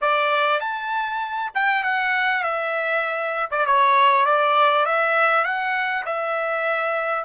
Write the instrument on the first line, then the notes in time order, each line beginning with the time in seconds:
trumpet
0.01 D5
0.60 A5
1.54 G5
1.83 F#5
2.43 E5
3.50 D5
3.66 C#5
4.25 D5
4.85 E5
5.44 F#5
6.05 E5